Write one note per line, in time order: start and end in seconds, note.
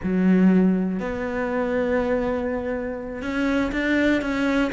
0.03 0.99 F#3
0.99 3.21 B3
3.21 3.71 C#4
3.72 4.21 D4
4.21 4.71 C#4